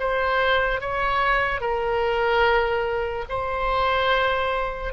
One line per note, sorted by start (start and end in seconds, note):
0.00 0.81 C5
0.81 1.61 C#5
1.61 3.25 A#4
3.29 4.94 C5